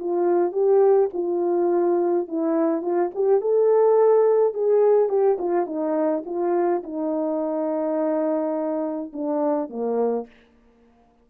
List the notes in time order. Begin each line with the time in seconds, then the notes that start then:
0.00 F4
0.53 G4
1.14 F4
2.28 E4
2.82 F4
3.15 G4
3.41 A4
4.54 G#4
5.09 G4
5.39 F4
5.66 D#4
6.26 F4
6.84 D#4
9.14 D4
9.70 A#3